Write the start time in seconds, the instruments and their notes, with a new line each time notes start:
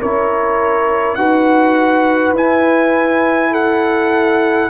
0.00 tuba C#4, trombone E4, horn A#4, trumpet C#5
1.15 tuba D#4, trombone F#4, horn B4, trumpet F#5
2.33 tuba E4, trombone E4, trumpet G#5
3.51 horn A4, trumpet F#5